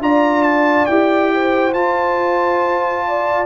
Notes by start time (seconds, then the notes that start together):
0.00 D4 F4 D5 A#5
0.43 A5
0.86 E4 G4 G5
1.34 C5
1.74 F4 A5
3.07 D5